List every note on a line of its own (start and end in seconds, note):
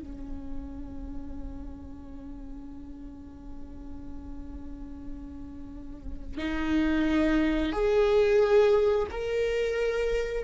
0.00 6.38 C#4
6.38 7.73 D#4
7.73 9.08 G#4
9.11 10.44 A#4